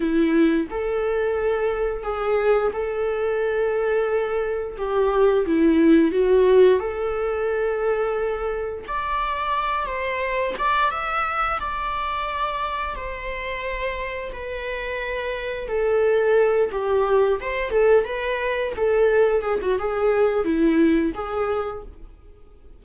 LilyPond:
\new Staff \with { instrumentName = "viola" } { \time 4/4 \tempo 4 = 88 e'4 a'2 gis'4 | a'2. g'4 | e'4 fis'4 a'2~ | a'4 d''4. c''4 d''8 |
e''4 d''2 c''4~ | c''4 b'2 a'4~ | a'8 g'4 c''8 a'8 b'4 a'8~ | a'8 gis'16 fis'16 gis'4 e'4 gis'4 | }